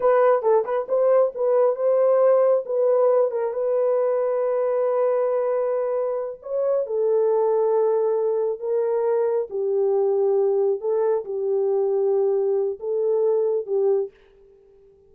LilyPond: \new Staff \with { instrumentName = "horn" } { \time 4/4 \tempo 4 = 136 b'4 a'8 b'8 c''4 b'4 | c''2 b'4. ais'8 | b'1~ | b'2~ b'8 cis''4 a'8~ |
a'2.~ a'8 ais'8~ | ais'4. g'2~ g'8~ | g'8 a'4 g'2~ g'8~ | g'4 a'2 g'4 | }